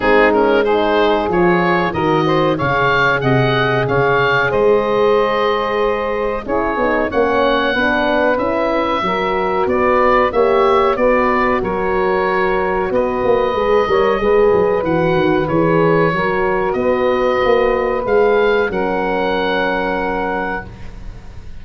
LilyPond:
<<
  \new Staff \with { instrumentName = "oboe" } { \time 4/4 \tempo 4 = 93 gis'8 ais'8 c''4 cis''4 dis''4 | f''4 fis''4 f''4 dis''4~ | dis''2 cis''4 fis''4~ | fis''4 e''2 d''4 |
e''4 d''4 cis''2 | dis''2. fis''4 | cis''2 dis''2 | f''4 fis''2. | }
  \new Staff \with { instrumentName = "saxophone" } { \time 4/4 dis'4 gis'2 ais'8 c''8 | cis''4 dis''4 cis''4 c''4~ | c''2 gis'4 cis''4 | b'2 ais'4 b'4 |
cis''4 b'4 ais'2 | b'4. cis''8 b'2~ | b'4 ais'4 b'2~ | b'4 ais'2. | }
  \new Staff \with { instrumentName = "horn" } { \time 4/4 c'8 cis'8 dis'4 f'4 fis'4 | gis'1~ | gis'2 e'8 dis'8 cis'4 | d'4 e'4 fis'2 |
g'4 fis'2.~ | fis'4 gis'8 ais'8 gis'4 fis'4 | gis'4 fis'2. | gis'4 cis'2. | }
  \new Staff \with { instrumentName = "tuba" } { \time 4/4 gis2 f4 dis4 | cis4 c4 cis4 gis4~ | gis2 cis'8 b8 ais4 | b4 cis'4 fis4 b4 |
ais4 b4 fis2 | b8 ais8 gis8 g8 gis8 fis8 e8 dis8 | e4 fis4 b4 ais4 | gis4 fis2. | }
>>